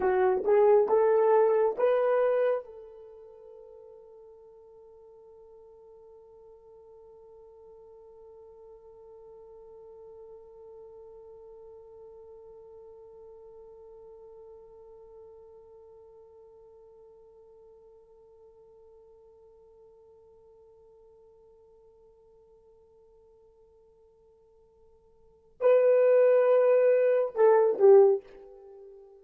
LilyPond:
\new Staff \with { instrumentName = "horn" } { \time 4/4 \tempo 4 = 68 fis'8 gis'8 a'4 b'4 a'4~ | a'1~ | a'1~ | a'1~ |
a'1~ | a'1~ | a'1~ | a'4 b'2 a'8 g'8 | }